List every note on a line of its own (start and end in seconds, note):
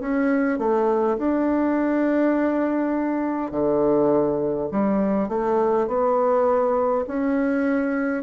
0.00 0.58 C#4
0.58 1.17 A3
1.17 3.51 D4
3.51 4.68 D3
4.71 5.28 G3
5.28 5.87 A3
5.87 7.05 B3
7.07 8.23 C#4